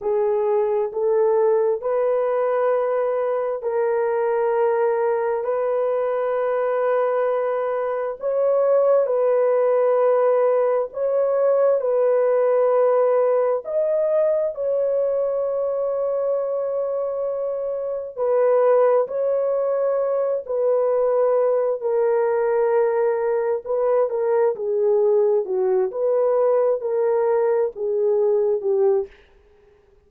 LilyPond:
\new Staff \with { instrumentName = "horn" } { \time 4/4 \tempo 4 = 66 gis'4 a'4 b'2 | ais'2 b'2~ | b'4 cis''4 b'2 | cis''4 b'2 dis''4 |
cis''1 | b'4 cis''4. b'4. | ais'2 b'8 ais'8 gis'4 | fis'8 b'4 ais'4 gis'4 g'8 | }